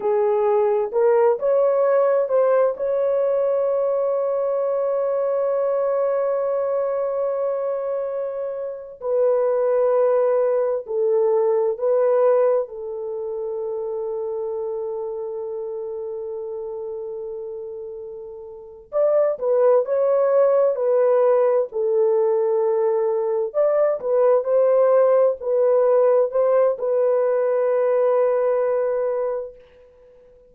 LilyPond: \new Staff \with { instrumentName = "horn" } { \time 4/4 \tempo 4 = 65 gis'4 ais'8 cis''4 c''8 cis''4~ | cis''1~ | cis''4.~ cis''16 b'2 a'16~ | a'8. b'4 a'2~ a'16~ |
a'1~ | a'8 d''8 b'8 cis''4 b'4 a'8~ | a'4. d''8 b'8 c''4 b'8~ | b'8 c''8 b'2. | }